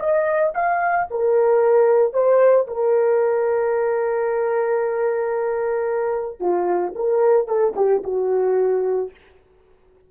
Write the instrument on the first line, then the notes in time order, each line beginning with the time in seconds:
horn
0.00 D#5
0.55 F5
1.11 A#4
2.14 C5
2.68 A#4
6.40 F4
6.96 A#4
7.48 A4
7.77 G4
8.04 F#4